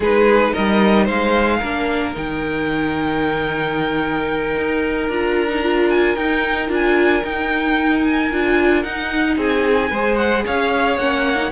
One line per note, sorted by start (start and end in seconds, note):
0.00 0.52 G#3
0.00 1.63 D#4
0.00 0.52 G#4
0.00 0.53 B4
0.52 1.08 G3
0.52 1.04 A#4
0.52 1.07 D#5
1.04 1.61 G#3
1.04 1.58 C5
1.04 2.14 F5
1.58 2.16 A#3
1.58 2.14 D4
1.58 9.35 A#4
2.14 4.56 D#3
2.14 5.09 D#4
2.14 5.10 G5
4.56 5.08 D#4
5.08 6.15 D4
5.08 5.49 F4
5.08 5.90 A#5
5.49 5.62 D#4
5.62 6.16 F4
5.90 6.15 G#5
6.15 6.69 D#4
6.15 6.68 D#4
6.15 6.69 G5
6.68 7.22 D4
6.68 7.21 F4
6.74 7.24 G#5
7.23 8.30 D#4
7.23 8.31 D#4
7.23 8.04 G5
8.04 8.82 G#5
8.31 8.84 D4
8.31 8.84 F4
8.82 9.36 D#4
8.82 9.91 D#4
8.82 9.36 F#5
9.36 9.90 C4
9.36 9.90 G#4
9.36 10.15 G#5
9.90 10.44 G#3
9.90 10.99 G#4
9.90 10.43 C5
10.15 10.42 F#5
10.45 10.98 C#4
10.45 11.51 C#5
10.45 10.98 F5
10.98 11.51 A#3
10.98 11.35 C#4
10.98 11.51 F#5
11.35 11.48 D#4